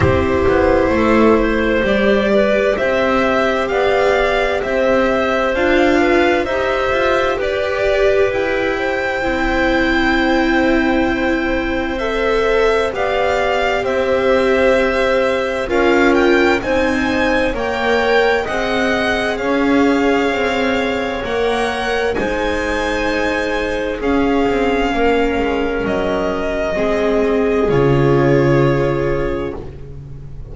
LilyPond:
<<
  \new Staff \with { instrumentName = "violin" } { \time 4/4 \tempo 4 = 65 c''2 d''4 e''4 | f''4 e''4 f''4 e''4 | d''4 g''2.~ | g''4 e''4 f''4 e''4~ |
e''4 f''8 g''8 gis''4 g''4 | fis''4 f''2 fis''4 | gis''2 f''2 | dis''2 cis''2 | }
  \new Staff \with { instrumentName = "clarinet" } { \time 4/4 g'4 a'8 c''4 b'8 c''4 | d''4 c''4. b'8 c''4 | b'4. c''2~ c''8~ | c''2 d''4 c''4~ |
c''4 ais'4 c''4 cis''4 | dis''4 cis''2. | c''2 gis'4 ais'4~ | ais'4 gis'2. | }
  \new Staff \with { instrumentName = "viola" } { \time 4/4 e'2 g'2~ | g'2 f'4 g'4~ | g'2 e'2~ | e'4 a'4 g'2~ |
g'4 f'4 dis'4 ais'4 | gis'2. ais'4 | dis'2 cis'2~ | cis'4 c'4 f'2 | }
  \new Staff \with { instrumentName = "double bass" } { \time 4/4 c'8 b8 a4 g4 c'4 | b4 c'4 d'4 dis'8 f'8 | g'4 e'4 c'2~ | c'2 b4 c'4~ |
c'4 cis'4 c'4 ais4 | c'4 cis'4 c'4 ais4 | gis2 cis'8 c'8 ais8 gis8 | fis4 gis4 cis2 | }
>>